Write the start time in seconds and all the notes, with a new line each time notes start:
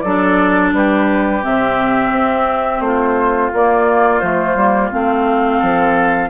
0.00 F#3 D4 A4 D5
0.72 G3 G4 B4
1.42 C3 C4 E5
2.10 C4
2.80 A3 F4 C5
3.53 A#3 D5
4.19 F3 A3 C5
4.55 G3 A#3
4.91 A3 C4 F5
5.58 F3 A4